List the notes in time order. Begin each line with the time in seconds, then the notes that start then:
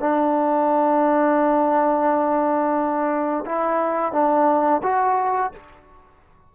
0.00 D4
3.46 E4
4.13 D4
4.83 F#4